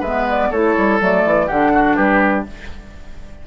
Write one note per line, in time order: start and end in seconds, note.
0.00 0.50 G#3
0.00 0.54 B3
0.00 0.48 B4
0.00 0.27 E5
0.29 0.51 D5
0.51 0.76 A3
0.51 1.00 E4
0.51 1.47 A4
0.51 1.00 C#5
0.77 1.00 G3
1.00 1.25 F#3
1.00 1.48 A3
1.00 1.48 D5
1.25 1.49 E3
1.47 1.97 D3
1.47 2.47 D4
1.47 1.71 G4
1.47 1.96 F#5
1.74 1.96 F#4
1.96 2.46 G3
1.96 2.45 G4
1.96 2.44 B4